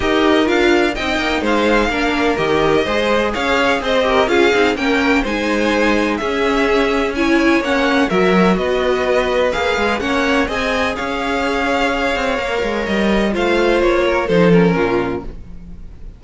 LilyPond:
<<
  \new Staff \with { instrumentName = "violin" } { \time 4/4 \tempo 4 = 126 dis''4 f''4 g''4 f''4~ | f''4 dis''2 f''4 | dis''4 f''4 g''4 gis''4~ | gis''4 e''2 gis''4 |
fis''4 e''4 dis''2 | f''4 fis''4 gis''4 f''4~ | f''2. dis''4 | f''4 cis''4 c''8 ais'4. | }
  \new Staff \with { instrumentName = "violin" } { \time 4/4 ais'2 dis''4 c''4 | ais'2 c''4 cis''4 | c''8 ais'8 gis'4 ais'4 c''4~ | c''4 gis'2 cis''4~ |
cis''4 ais'4 b'2~ | b'4 cis''4 dis''4 cis''4~ | cis''1 | c''4. ais'8 a'4 f'4 | }
  \new Staff \with { instrumentName = "viola" } { \time 4/4 g'4 f'4 dis'2 | d'4 g'4 gis'2~ | gis'8 g'8 f'8 dis'8 cis'4 dis'4~ | dis'4 cis'2 e'4 |
cis'4 fis'2. | gis'4 cis'4 gis'2~ | gis'2 ais'2 | f'2 dis'8 cis'4. | }
  \new Staff \with { instrumentName = "cello" } { \time 4/4 dis'4 d'4 c'8 ais8 gis4 | ais4 dis4 gis4 cis'4 | c'4 cis'8 c'8 ais4 gis4~ | gis4 cis'2. |
ais4 fis4 b2 | ais8 gis8 ais4 c'4 cis'4~ | cis'4. c'8 ais8 gis8 g4 | a4 ais4 f4 ais,4 | }
>>